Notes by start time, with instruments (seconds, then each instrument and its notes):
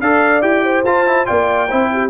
0.00 tuba D4, trombone A4, horn D5, trumpet F5
0.41 tuba E4, trombone G4, trumpet G5
0.64 horn C5
0.84 tuba F4, trombone F4, trumpet A5
1.07 trombone E4
1.25 tuba A#3, trombone F4, horn D5, trumpet G5
1.68 tuba C4, trombone E4, horn C5
1.92 horn G4